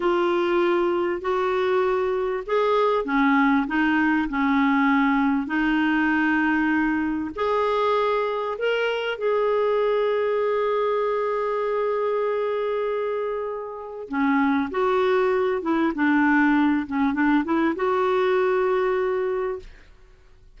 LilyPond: \new Staff \with { instrumentName = "clarinet" } { \time 4/4 \tempo 4 = 98 f'2 fis'2 | gis'4 cis'4 dis'4 cis'4~ | cis'4 dis'2. | gis'2 ais'4 gis'4~ |
gis'1~ | gis'2. cis'4 | fis'4. e'8 d'4. cis'8 | d'8 e'8 fis'2. | }